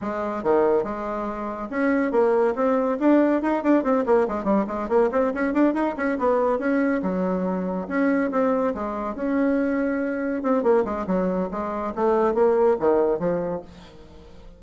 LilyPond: \new Staff \with { instrumentName = "bassoon" } { \time 4/4 \tempo 4 = 141 gis4 dis4 gis2 | cis'4 ais4 c'4 d'4 | dis'8 d'8 c'8 ais8 gis8 g8 gis8 ais8 | c'8 cis'8 d'8 dis'8 cis'8 b4 cis'8~ |
cis'8 fis2 cis'4 c'8~ | c'8 gis4 cis'2~ cis'8~ | cis'8 c'8 ais8 gis8 fis4 gis4 | a4 ais4 dis4 f4 | }